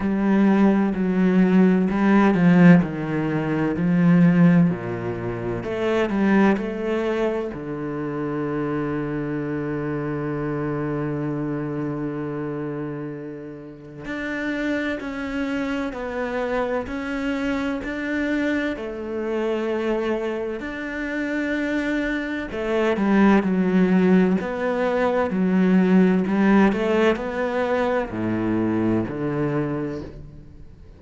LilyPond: \new Staff \with { instrumentName = "cello" } { \time 4/4 \tempo 4 = 64 g4 fis4 g8 f8 dis4 | f4 ais,4 a8 g8 a4 | d1~ | d2. d'4 |
cis'4 b4 cis'4 d'4 | a2 d'2 | a8 g8 fis4 b4 fis4 | g8 a8 b4 a,4 d4 | }